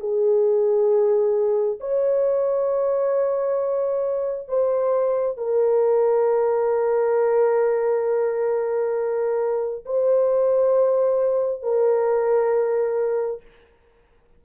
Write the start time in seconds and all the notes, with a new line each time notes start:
0.00 G#4
1.80 C#5
4.48 C5
5.37 A#4
9.85 C5
11.63 A#4